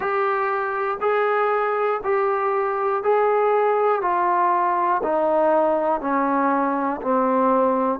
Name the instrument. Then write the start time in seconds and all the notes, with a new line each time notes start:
trombone
0.00 G4
1.00 G#4
2.03 G4
3.03 G#4
4.01 F4
5.03 D#4
6.00 C#4
7.01 C4